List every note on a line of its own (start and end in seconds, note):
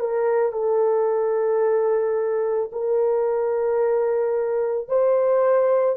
0.00 0.53 A#4
0.53 2.71 A4
2.72 4.88 A#4
4.88 5.97 C5